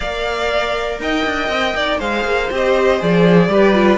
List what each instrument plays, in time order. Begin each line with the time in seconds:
0.00 cello A#3, viola A#4, violin D5 F5
0.99 cello D#4, violin D#5 G5
1.25 cello D4
1.48 cello C4
1.76 cello D#4, violin D5
1.98 cello G#3, viola G#4, violin C5 F5
2.24 cello A#3
2.51 cello C4, viola G4, violin D#5
3.00 cello F3, viola G#4, violin D5
3.48 cello G3, viola G4, violin B4
3.73 viola F4